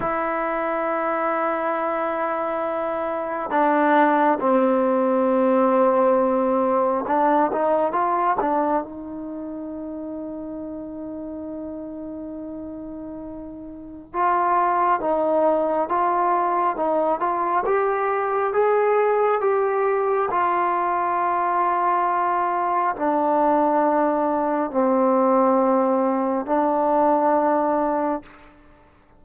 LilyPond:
\new Staff \with { instrumentName = "trombone" } { \time 4/4 \tempo 4 = 68 e'1 | d'4 c'2. | d'8 dis'8 f'8 d'8 dis'2~ | dis'1 |
f'4 dis'4 f'4 dis'8 f'8 | g'4 gis'4 g'4 f'4~ | f'2 d'2 | c'2 d'2 | }